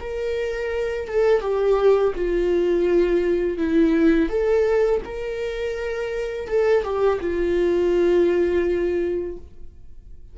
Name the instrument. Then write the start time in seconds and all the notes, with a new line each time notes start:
viola
0.00 A#4
1.08 A4
1.41 G4
2.15 F4
3.58 E4
4.29 A4
5.05 A#4
6.48 A4
6.84 G4
7.21 F4